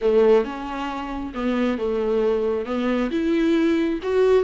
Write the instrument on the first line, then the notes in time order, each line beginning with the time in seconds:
viola
0.01 A3
0.44 C#4
1.34 B3
1.77 A3
2.65 B3
3.11 E4
4.02 F#4